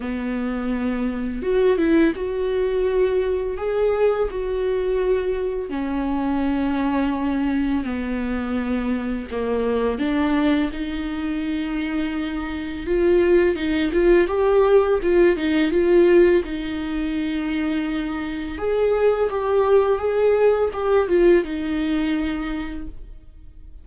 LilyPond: \new Staff \with { instrumentName = "viola" } { \time 4/4 \tempo 4 = 84 b2 fis'8 e'8 fis'4~ | fis'4 gis'4 fis'2 | cis'2. b4~ | b4 ais4 d'4 dis'4~ |
dis'2 f'4 dis'8 f'8 | g'4 f'8 dis'8 f'4 dis'4~ | dis'2 gis'4 g'4 | gis'4 g'8 f'8 dis'2 | }